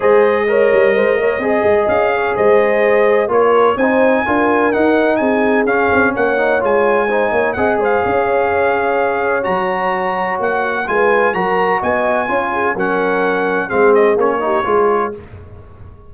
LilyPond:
<<
  \new Staff \with { instrumentName = "trumpet" } { \time 4/4 \tempo 4 = 127 dis''1 | f''4 dis''2 cis''4 | gis''2 fis''4 gis''4 | f''4 fis''4 gis''2 |
fis''8 f''2.~ f''8 | ais''2 fis''4 gis''4 | ais''4 gis''2 fis''4~ | fis''4 f''8 dis''8 cis''2 | }
  \new Staff \with { instrumentName = "horn" } { \time 4/4 c''4 cis''4 c''8 cis''8 dis''4~ | dis''8 cis''8 c''2 ais'4 | c''4 ais'2 gis'4~ | gis'4 cis''2 c''8 cis''8 |
dis''8 c''8 cis''2.~ | cis''2. b'4 | ais'4 dis''4 cis''8 gis'8 ais'4~ | ais'4 gis'4. g'8 gis'4 | }
  \new Staff \with { instrumentName = "trombone" } { \time 4/4 gis'4 ais'2 gis'4~ | gis'2. f'4 | dis'4 f'4 dis'2 | cis'4. dis'8 f'4 dis'4 |
gis'1 | fis'2. f'4 | fis'2 f'4 cis'4~ | cis'4 c'4 cis'8 dis'8 f'4 | }
  \new Staff \with { instrumentName = "tuba" } { \time 4/4 gis4. g8 gis8 ais8 c'8 gis8 | cis'4 gis2 ais4 | c'4 d'4 dis'4 c'4 | cis'8 c'8 ais4 gis4. ais8 |
c'8 gis8 cis'2. | fis2 ais4 gis4 | fis4 b4 cis'4 fis4~ | fis4 gis4 ais4 gis4 | }
>>